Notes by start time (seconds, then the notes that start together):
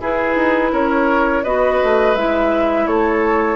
0.00 E4 G#4 B4
0.35 D#4
0.72 C#4 A#4 C#5
1.43 B3 F#4 B4 D#5
1.83 A3
2.15 G#3 E4 E5
2.86 A3 A4 C#5